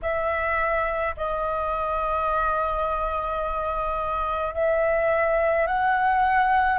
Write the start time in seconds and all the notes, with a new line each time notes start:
0.02 E5
1.16 D#5
4.54 E5
5.67 F#5